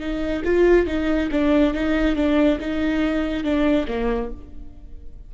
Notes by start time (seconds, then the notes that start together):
0.00 D#4
0.45 F4
0.87 D#4
1.31 D4
1.74 D#4
2.16 D4
2.61 D#4
3.44 D4
3.88 A#3